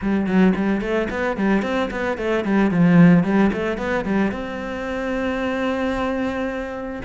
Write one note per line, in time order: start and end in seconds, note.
0.01 0.26 G3
0.26 0.53 F#3
0.55 0.81 G3
0.81 1.08 A3
1.10 1.37 B3
1.37 1.62 G3
1.62 1.89 C4
1.91 2.17 B3
2.17 2.44 A3
2.44 2.70 G3
2.70 3.23 F3
3.23 3.50 G3
3.53 3.77 A3
3.77 4.04 B3
4.04 4.31 G3
4.31 7.01 C4